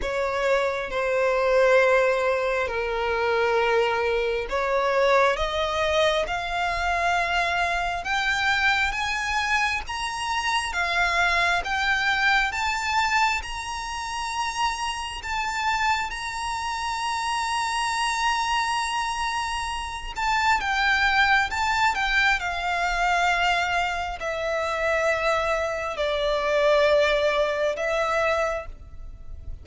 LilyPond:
\new Staff \with { instrumentName = "violin" } { \time 4/4 \tempo 4 = 67 cis''4 c''2 ais'4~ | ais'4 cis''4 dis''4 f''4~ | f''4 g''4 gis''4 ais''4 | f''4 g''4 a''4 ais''4~ |
ais''4 a''4 ais''2~ | ais''2~ ais''8 a''8 g''4 | a''8 g''8 f''2 e''4~ | e''4 d''2 e''4 | }